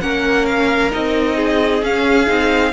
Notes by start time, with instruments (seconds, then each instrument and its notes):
0.00 cello A#3, viola C#4, violin A#4 F#5
0.45 violin F5
0.90 cello C4, viola D#4, violin D#5
1.35 violin G#4
1.82 cello C#4, viola C#4, violin F5
2.26 cello C4, viola D#4